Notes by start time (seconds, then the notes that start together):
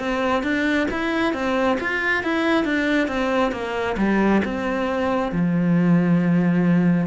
0.00 C4
0.44 D4
0.92 E4
1.34 C4
1.81 F4
2.24 E4
2.65 D4
3.08 C4
3.53 A#3
3.98 G3
4.45 C4
5.32 F3